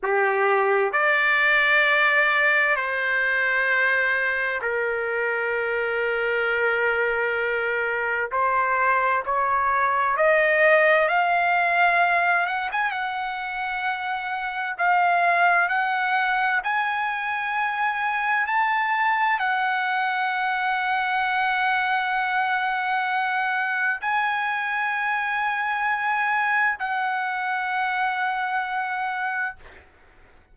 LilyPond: \new Staff \with { instrumentName = "trumpet" } { \time 4/4 \tempo 4 = 65 g'4 d''2 c''4~ | c''4 ais'2.~ | ais'4 c''4 cis''4 dis''4 | f''4. fis''16 gis''16 fis''2 |
f''4 fis''4 gis''2 | a''4 fis''2.~ | fis''2 gis''2~ | gis''4 fis''2. | }